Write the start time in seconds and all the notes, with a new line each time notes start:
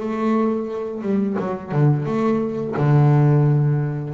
0.00 A3
1.02 G3
1.39 F#3
1.72 D3
2.06 A3
2.77 D3